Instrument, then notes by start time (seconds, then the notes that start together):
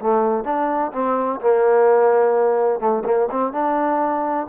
trombone
0.00 A3
0.44 D4
0.93 C4
1.40 A#3
2.80 A3
3.05 A#3
3.31 C4
3.52 D4